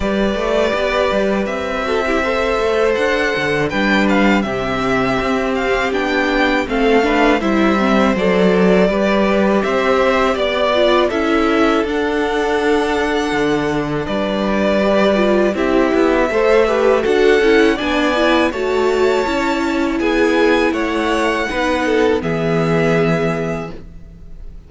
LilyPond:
<<
  \new Staff \with { instrumentName = "violin" } { \time 4/4 \tempo 4 = 81 d''2 e''2 | fis''4 g''8 f''8 e''4. f''8 | g''4 f''4 e''4 d''4~ | d''4 e''4 d''4 e''4 |
fis''2. d''4~ | d''4 e''2 fis''4 | gis''4 a''2 gis''4 | fis''2 e''2 | }
  \new Staff \with { instrumentName = "violin" } { \time 4/4 b'2~ b'8 a'16 g'16 c''4~ | c''4 b'4 g'2~ | g'4 a'8 b'8 c''2 | b'4 c''4 d''4 a'4~ |
a'2. b'4~ | b'4 g'4 c''8 b'8 a'4 | d''4 cis''2 gis'4 | cis''4 b'8 a'8 gis'2 | }
  \new Staff \with { instrumentName = "viola" } { \time 4/4 g'2~ g'8 fis'16 e'16 a'4~ | a'4 d'4 c'2 | d'4 c'8 d'8 e'8 c'8 a'4 | g'2~ g'8 f'8 e'4 |
d'1 | g'8 f'8 e'4 a'8 g'8 fis'8 e'8 | d'8 e'8 fis'4 e'2~ | e'4 dis'4 b2 | }
  \new Staff \with { instrumentName = "cello" } { \time 4/4 g8 a8 b8 g8 c'4. a8 | d'8 d8 g4 c4 c'4 | b4 a4 g4 fis4 | g4 c'4 b4 cis'4 |
d'2 d4 g4~ | g4 c'8 b8 a4 d'8 cis'8 | b4 a4 cis'4 b4 | a4 b4 e2 | }
>>